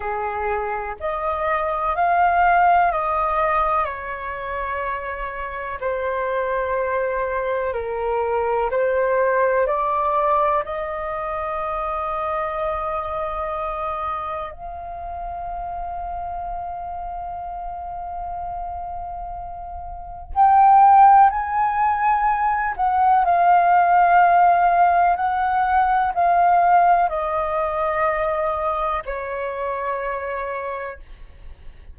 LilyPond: \new Staff \with { instrumentName = "flute" } { \time 4/4 \tempo 4 = 62 gis'4 dis''4 f''4 dis''4 | cis''2 c''2 | ais'4 c''4 d''4 dis''4~ | dis''2. f''4~ |
f''1~ | f''4 g''4 gis''4. fis''8 | f''2 fis''4 f''4 | dis''2 cis''2 | }